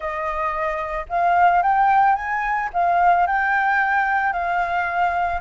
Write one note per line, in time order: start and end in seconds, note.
0.00 1.05 D#5
1.09 1.62 F5
1.62 2.15 G5
2.15 2.69 G#5
2.73 3.27 F5
3.27 4.32 G5
4.32 5.41 F5